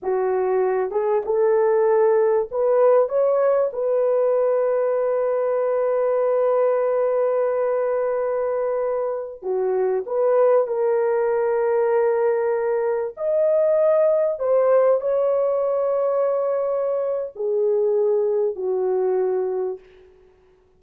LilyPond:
\new Staff \with { instrumentName = "horn" } { \time 4/4 \tempo 4 = 97 fis'4. gis'8 a'2 | b'4 cis''4 b'2~ | b'1~ | b'2.~ b'16 fis'8.~ |
fis'16 b'4 ais'2~ ais'8.~ | ais'4~ ais'16 dis''2 c''8.~ | c''16 cis''2.~ cis''8. | gis'2 fis'2 | }